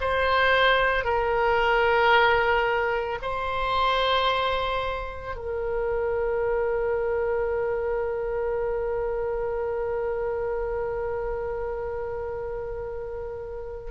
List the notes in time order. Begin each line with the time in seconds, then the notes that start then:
0.00 C5
1.04 A#4
3.22 C5
5.35 A#4